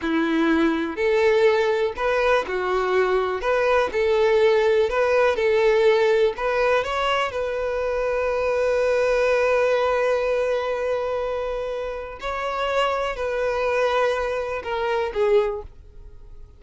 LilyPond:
\new Staff \with { instrumentName = "violin" } { \time 4/4 \tempo 4 = 123 e'2 a'2 | b'4 fis'2 b'4 | a'2 b'4 a'4~ | a'4 b'4 cis''4 b'4~ |
b'1~ | b'1~ | b'4 cis''2 b'4~ | b'2 ais'4 gis'4 | }